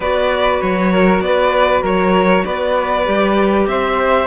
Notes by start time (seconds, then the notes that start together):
0.00 B3 F#4 B4 D5
0.61 F#3 C#5
0.92 A#4
1.20 B3 B4 D5
1.82 F#3 A#4 C#5
2.44 B3 B4 D5
3.05 G3 G4
3.67 C4 C5 E5